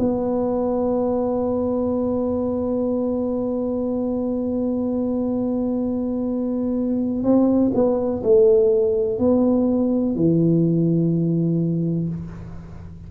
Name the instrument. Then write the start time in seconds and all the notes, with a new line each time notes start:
tuba
0.00 B3
7.24 C4
7.75 B3
8.24 A3
9.19 B3
10.16 E3